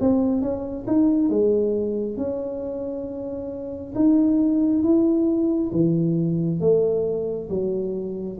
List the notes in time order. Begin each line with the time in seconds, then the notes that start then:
0.00 C4
0.41 C#4
0.87 D#4
1.29 G#3
2.17 C#4
3.95 D#4
4.82 E4
5.72 E3
6.60 A3
7.49 F#3